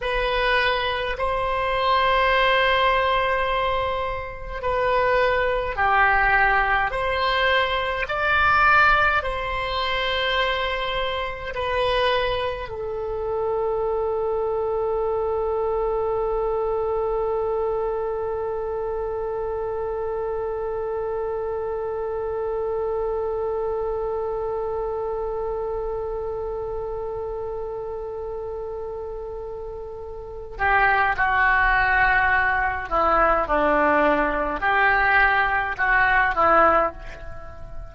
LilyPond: \new Staff \with { instrumentName = "oboe" } { \time 4/4 \tempo 4 = 52 b'4 c''2. | b'4 g'4 c''4 d''4 | c''2 b'4 a'4~ | a'1~ |
a'1~ | a'1~ | a'2~ a'8 g'8 fis'4~ | fis'8 e'8 d'4 g'4 fis'8 e'8 | }